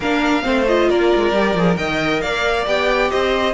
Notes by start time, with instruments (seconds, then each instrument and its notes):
0.00 cello A#3, viola D4, violin A#4 F5
0.42 cello A3, viola C4, violin C5
0.67 viola F4, violin D#5
0.89 cello A#3, violin A#4 D5
1.15 cello G#3
1.32 cello G3, viola G4
1.54 cello F3, viola G#4
1.76 cello D#3, viola A#4, violin D#5 G5
2.20 cello A#3, violin D5 F5
2.66 cello B3, viola G4, violin G5
3.10 cello C4, violin C5 D#5